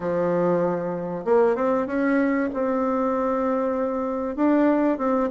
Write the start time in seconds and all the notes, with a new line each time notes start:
0.00 F3
1.24 A#3
1.55 C4
1.87 C#4
2.53 C4
4.36 D4
4.98 C4